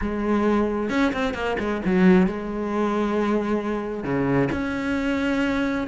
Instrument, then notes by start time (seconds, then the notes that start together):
cello
0.01 G#3
0.89 C#4
1.12 C4
1.34 A#3
1.59 G#3
1.85 F#3
2.27 G#3
4.03 C#3
4.52 C#4